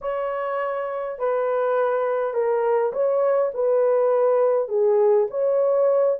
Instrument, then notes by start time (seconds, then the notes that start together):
horn
0.01 C#5
1.18 B4
2.33 A#4
2.93 C#5
3.53 B4
4.68 G#4
5.30 C#5